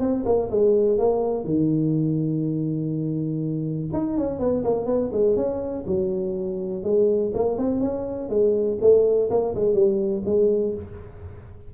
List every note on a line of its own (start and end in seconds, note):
0.00 0.24 C4
0.26 0.50 A#3
0.51 0.98 G#3
0.98 1.44 A#3
1.44 3.88 D#3
3.93 4.18 D#4
4.18 4.40 C#4
4.40 4.64 B3
4.65 4.86 A#3
4.86 5.10 B3
5.13 5.37 G#3
5.37 5.85 C#4
5.87 6.84 F#3
6.84 7.32 G#3
7.34 7.58 A#3
7.58 7.80 C4
7.80 8.29 C#4
8.29 8.78 G#3
8.81 9.30 A3
9.30 9.55 A#3
9.55 9.74 G#3
9.74 10.23 G3
10.25 10.74 G#3